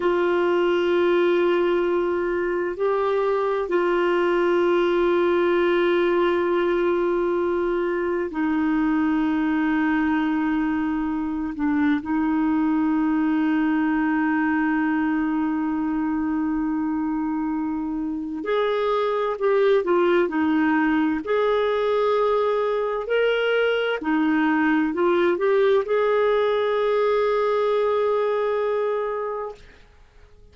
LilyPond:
\new Staff \with { instrumentName = "clarinet" } { \time 4/4 \tempo 4 = 65 f'2. g'4 | f'1~ | f'4 dis'2.~ | dis'8 d'8 dis'2.~ |
dis'1 | gis'4 g'8 f'8 dis'4 gis'4~ | gis'4 ais'4 dis'4 f'8 g'8 | gis'1 | }